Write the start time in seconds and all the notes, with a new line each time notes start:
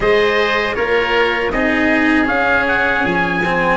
0.00 G#3 G#4 C5 D#5
0.74 A#3 F4 A#4 C#5
1.51 C4 D#4 G#4 D#5
2.25 C#4 F5
2.67 F#5
3.04 F3 G#5
3.44 C4